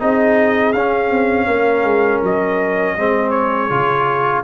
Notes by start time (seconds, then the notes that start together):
0.00 C4 D#4 G#4 D#5
0.73 C#4 F5
1.10 C4
1.46 A#3 A#4
1.83 G#3
2.23 F#3 D#5
2.97 G#3 C4 G#4
3.31 C#5
3.70 C#3 F4